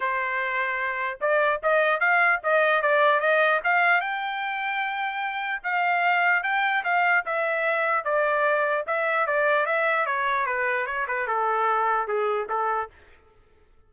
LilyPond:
\new Staff \with { instrumentName = "trumpet" } { \time 4/4 \tempo 4 = 149 c''2. d''4 | dis''4 f''4 dis''4 d''4 | dis''4 f''4 g''2~ | g''2 f''2 |
g''4 f''4 e''2 | d''2 e''4 d''4 | e''4 cis''4 b'4 cis''8 b'8 | a'2 gis'4 a'4 | }